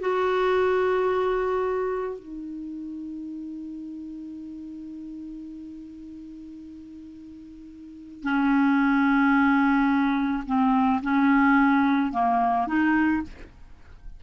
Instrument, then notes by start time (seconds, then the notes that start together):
clarinet
0.00 F#4
2.19 D#4
8.23 C#4
10.46 C4
11.02 C#4
12.12 A#3
12.67 D#4